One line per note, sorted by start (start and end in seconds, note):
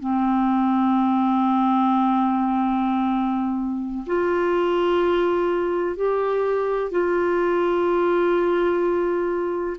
0.00 4.05 C4
4.06 5.96 F4
5.96 6.91 G4
6.91 9.77 F4